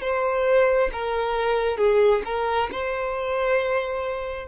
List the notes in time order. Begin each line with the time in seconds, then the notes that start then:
0.00 C5
0.92 A#4
1.77 G#4
2.25 A#4
2.72 C5